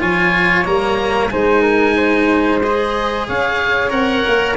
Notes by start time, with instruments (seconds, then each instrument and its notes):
0.00 tuba F3, cello F4, flute C#5, oboe G#5
0.65 tuba G3, cello A#3, oboe A#5
1.31 tuba G#3, cello D#4, flute C5, oboe G#5
1.62 flute A#4
1.97 flute C5
2.62 cello G#4, oboe D#5
3.28 tuba C#4, flute C#5, oboe F5
3.90 tuba C4, cello A#4, oboe F#5
4.27 tuba A#3